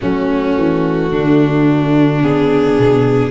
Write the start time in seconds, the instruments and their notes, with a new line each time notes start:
0.01 tuba F#3, viola A3, violin C#4 F#4
0.57 tuba E3
1.10 tuba D3, violin D4
2.21 tuba C#3, viola B3, violin G#4
2.78 tuba B2